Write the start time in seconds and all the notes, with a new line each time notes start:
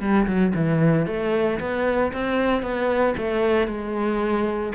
0.00 G3
0.27 F#3
0.55 E3
1.07 A3
1.60 B3
2.13 C4
2.62 B3
3.17 A3
3.67 G#3